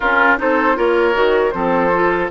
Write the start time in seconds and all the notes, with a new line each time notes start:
0.00 C#4 F4 A#4
0.37 C4 D#4 A4 C5
0.75 A#3 F4 A#4 C#5
1.13 D#3 F#4
1.51 F3 C4 A4 C5
1.94 F4